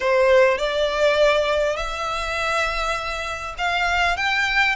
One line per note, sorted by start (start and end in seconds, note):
0.00 0.58 C5
0.58 1.76 D5
1.76 3.54 E5
3.58 4.16 F5
4.16 4.75 G5